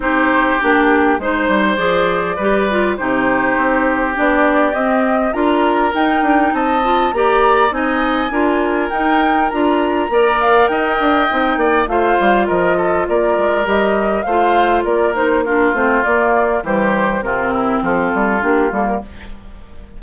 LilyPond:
<<
  \new Staff \with { instrumentName = "flute" } { \time 4/4 \tempo 4 = 101 c''4 g'4 c''4 d''4~ | d''4 c''2 d''4 | dis''4 ais''4 g''4 a''4 | ais''4 gis''2 g''4 |
ais''4. f''8 g''2 | f''4 dis''4 d''4 dis''4 | f''4 d''8 c''8 ais'8 c''8 d''4 | c''4 ais'4 a'4 g'8 a'16 ais'16 | }
  \new Staff \with { instrumentName = "oboe" } { \time 4/4 g'2 c''2 | b'4 g'2.~ | g'4 ais'2 dis''4 | d''4 dis''4 ais'2~ |
ais'4 d''4 dis''4. d''8 | c''4 ais'8 a'8 ais'2 | c''4 ais'4 f'2 | g'4 f'8 e'8 f'2 | }
  \new Staff \with { instrumentName = "clarinet" } { \time 4/4 dis'4 d'4 dis'4 gis'4 | g'8 f'8 dis'2 d'4 | c'4 f'4 dis'4. f'8 | g'4 dis'4 f'4 dis'4 |
f'4 ais'2 dis'4 | f'2. g'4 | f'4. dis'8 d'8 c'8 ais4 | g4 c'2 d'8 ais8 | }
  \new Staff \with { instrumentName = "bassoon" } { \time 4/4 c'4 ais4 gis8 g8 f4 | g4 c4 c'4 b4 | c'4 d'4 dis'8 d'8 c'4 | ais4 c'4 d'4 dis'4 |
d'4 ais4 dis'8 d'8 c'8 ais8 | a8 g8 f4 ais8 gis8 g4 | a4 ais4. a8 ais4 | e4 c4 f8 g8 ais8 g8 | }
>>